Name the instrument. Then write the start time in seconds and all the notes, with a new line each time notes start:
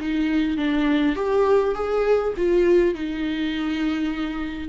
viola
0.00 D#4
0.58 D4
1.16 G4
1.75 G#4
2.37 F4
2.95 D#4